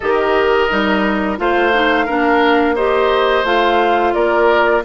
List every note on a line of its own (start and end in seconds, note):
0.00 0.71 D#3
0.00 0.69 G4
0.00 1.38 A#4
0.00 1.37 D#5
0.69 1.38 G3
0.69 1.37 D#4
1.37 2.07 A3
1.37 1.72 F4
1.37 2.05 C5
1.37 2.76 F5
1.72 2.07 D#4
2.05 3.44 A#3
2.05 2.76 D4
2.05 2.74 A#4
2.75 3.45 G4
2.75 4.13 C5
2.75 3.45 D#5
3.44 4.13 A3
3.44 4.82 F4
3.44 4.13 F5
4.13 4.84 A#3
4.13 4.83 A#4
4.13 4.82 D5